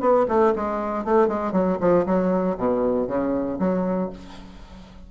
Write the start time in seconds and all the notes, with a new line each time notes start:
0.00 B3
0.28 A3
0.55 G#3
1.04 A3
1.27 G#3
1.52 F#3
1.80 F3
2.05 F#3
2.57 B2
3.07 C#3
3.59 F#3